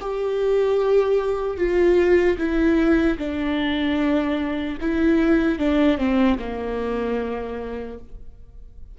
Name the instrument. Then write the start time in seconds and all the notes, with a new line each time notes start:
viola
0.00 G4
1.57 F4
2.37 E4
3.18 D4
4.80 E4
5.59 D4
5.98 C4
6.38 A#3